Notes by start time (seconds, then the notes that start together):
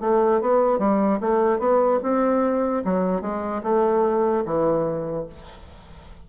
0.00 A3
0.41 B3
0.78 G3
1.20 A3
1.58 B3
2.02 C4
2.84 F#3
3.21 G#3
3.63 A3
4.45 E3